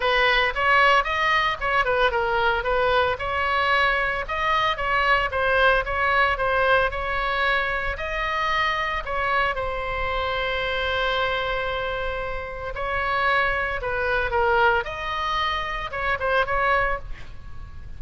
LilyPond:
\new Staff \with { instrumentName = "oboe" } { \time 4/4 \tempo 4 = 113 b'4 cis''4 dis''4 cis''8 b'8 | ais'4 b'4 cis''2 | dis''4 cis''4 c''4 cis''4 | c''4 cis''2 dis''4~ |
dis''4 cis''4 c''2~ | c''1 | cis''2 b'4 ais'4 | dis''2 cis''8 c''8 cis''4 | }